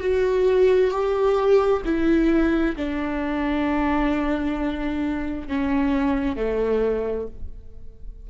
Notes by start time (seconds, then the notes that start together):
0.00 F#4
0.90 G4
1.85 E4
2.76 D4
5.48 C#4
6.36 A3